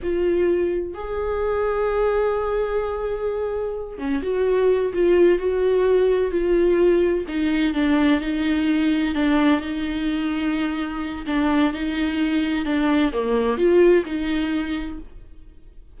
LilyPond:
\new Staff \with { instrumentName = "viola" } { \time 4/4 \tempo 4 = 128 f'2 gis'2~ | gis'1~ | gis'8 cis'8 fis'4. f'4 fis'8~ | fis'4. f'2 dis'8~ |
dis'8 d'4 dis'2 d'8~ | d'8 dis'2.~ dis'8 | d'4 dis'2 d'4 | ais4 f'4 dis'2 | }